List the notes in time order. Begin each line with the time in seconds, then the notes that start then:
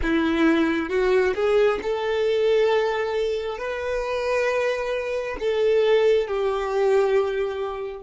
0.02 E4
0.89 F#4
1.34 G#4
1.82 A4
3.57 B4
5.39 A4
6.27 G4